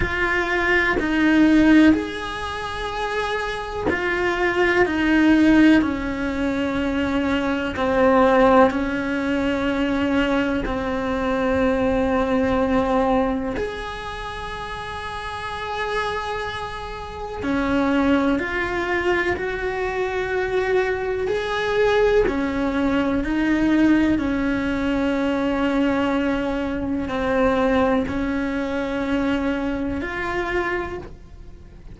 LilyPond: \new Staff \with { instrumentName = "cello" } { \time 4/4 \tempo 4 = 62 f'4 dis'4 gis'2 | f'4 dis'4 cis'2 | c'4 cis'2 c'4~ | c'2 gis'2~ |
gis'2 cis'4 f'4 | fis'2 gis'4 cis'4 | dis'4 cis'2. | c'4 cis'2 f'4 | }